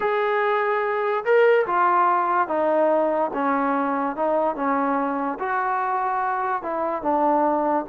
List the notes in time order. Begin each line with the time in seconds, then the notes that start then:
0.00 G#4
1.24 A#4
1.66 F4
2.48 D#4
3.33 C#4
4.15 D#4
4.55 C#4
5.39 F#4
6.62 E4
7.02 D4